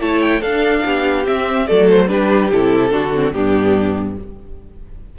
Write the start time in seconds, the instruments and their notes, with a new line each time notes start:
0.00 cello A3, viola E4, violin C#5 A5
0.21 violin G5
0.41 cello D4, viola D4, violin A4 F5
0.85 cello B3, violin G4
1.24 viola C4, cello C4, violin E5
1.67 cello F#3, viola A3, violin A4 D5
1.90 violin C5
2.08 cello G3, viola D4, violin G4 B4
2.52 cello C3, viola E4, violin A4
2.91 cello D3, viola D4, violin F#4
3.15 viola C4
3.33 cello G2, viola B3, violin D4 G4